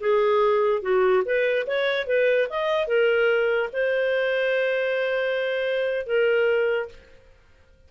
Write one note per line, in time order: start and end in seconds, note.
0.00 0.82 G#4
0.82 1.23 F#4
1.25 1.66 B4
1.67 2.06 C#5
2.06 2.48 B4
2.49 2.87 D#5
2.87 3.69 A#4
3.72 6.06 C5
6.06 6.88 A#4